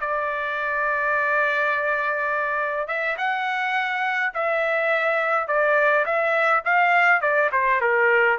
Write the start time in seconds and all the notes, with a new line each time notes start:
0.00 D5
2.87 E5
3.17 F#5
4.34 E5
5.47 D5
6.06 E5
6.65 F5
7.21 D5
7.52 C5
7.81 A#4